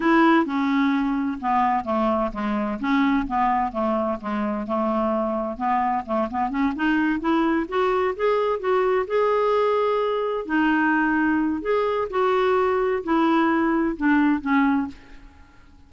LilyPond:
\new Staff \with { instrumentName = "clarinet" } { \time 4/4 \tempo 4 = 129 e'4 cis'2 b4 | a4 gis4 cis'4 b4 | a4 gis4 a2 | b4 a8 b8 cis'8 dis'4 e'8~ |
e'8 fis'4 gis'4 fis'4 gis'8~ | gis'2~ gis'8 dis'4.~ | dis'4 gis'4 fis'2 | e'2 d'4 cis'4 | }